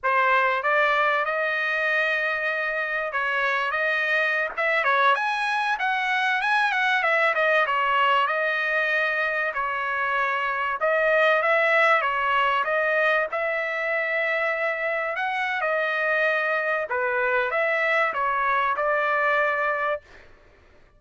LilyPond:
\new Staff \with { instrumentName = "trumpet" } { \time 4/4 \tempo 4 = 96 c''4 d''4 dis''2~ | dis''4 cis''4 dis''4~ dis''16 e''8 cis''16~ | cis''16 gis''4 fis''4 gis''8 fis''8 e''8 dis''16~ | dis''16 cis''4 dis''2 cis''8.~ |
cis''4~ cis''16 dis''4 e''4 cis''8.~ | cis''16 dis''4 e''2~ e''8.~ | e''16 fis''8. dis''2 b'4 | e''4 cis''4 d''2 | }